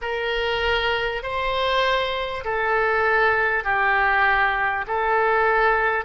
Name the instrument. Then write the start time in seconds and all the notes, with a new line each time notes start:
oboe
0.01 A#4
1.22 C5
2.44 A4
3.64 G4
4.87 A4